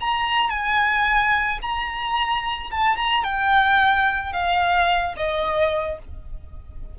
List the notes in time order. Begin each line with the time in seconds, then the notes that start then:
0.00 A#5
0.50 G#5
1.61 A#5
2.71 A5
2.97 A#5
3.24 G5
4.32 F5
5.16 D#5